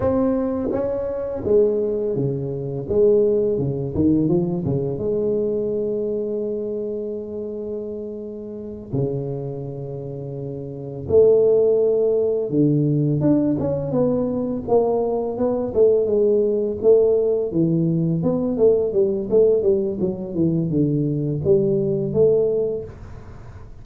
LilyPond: \new Staff \with { instrumentName = "tuba" } { \time 4/4 \tempo 4 = 84 c'4 cis'4 gis4 cis4 | gis4 cis8 dis8 f8 cis8 gis4~ | gis1~ | gis8 cis2. a8~ |
a4. d4 d'8 cis'8 b8~ | b8 ais4 b8 a8 gis4 a8~ | a8 e4 b8 a8 g8 a8 g8 | fis8 e8 d4 g4 a4 | }